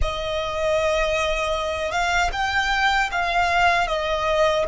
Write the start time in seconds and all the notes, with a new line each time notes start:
0.01 D#5
1.91 F5
2.32 G5
3.11 F5
3.87 D#5